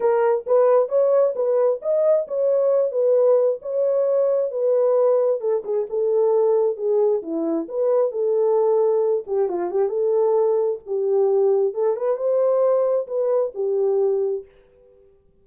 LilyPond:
\new Staff \with { instrumentName = "horn" } { \time 4/4 \tempo 4 = 133 ais'4 b'4 cis''4 b'4 | dis''4 cis''4. b'4. | cis''2 b'2 | a'8 gis'8 a'2 gis'4 |
e'4 b'4 a'2~ | a'8 g'8 f'8 g'8 a'2 | g'2 a'8 b'8 c''4~ | c''4 b'4 g'2 | }